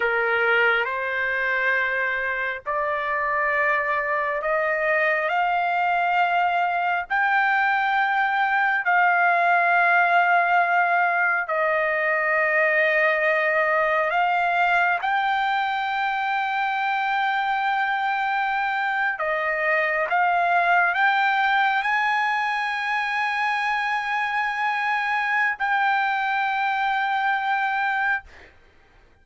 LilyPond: \new Staff \with { instrumentName = "trumpet" } { \time 4/4 \tempo 4 = 68 ais'4 c''2 d''4~ | d''4 dis''4 f''2 | g''2 f''2~ | f''4 dis''2. |
f''4 g''2.~ | g''4.~ g''16 dis''4 f''4 g''16~ | g''8. gis''2.~ gis''16~ | gis''4 g''2. | }